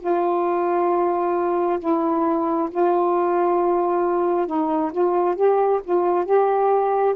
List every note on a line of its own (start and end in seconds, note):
0.00 1.79 F4
1.80 2.69 E4
2.71 4.47 F4
4.47 4.92 D#4
4.92 5.35 F4
5.35 5.80 G4
5.84 6.25 F4
6.25 7.14 G4